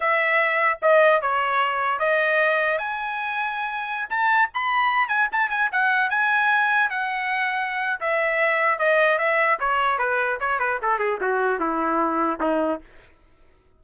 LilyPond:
\new Staff \with { instrumentName = "trumpet" } { \time 4/4 \tempo 4 = 150 e''2 dis''4 cis''4~ | cis''4 dis''2 gis''4~ | gis''2~ gis''16 a''4 b''8.~ | b''8. gis''8 a''8 gis''8 fis''4 gis''8.~ |
gis''4~ gis''16 fis''2~ fis''8. | e''2 dis''4 e''4 | cis''4 b'4 cis''8 b'8 a'8 gis'8 | fis'4 e'2 dis'4 | }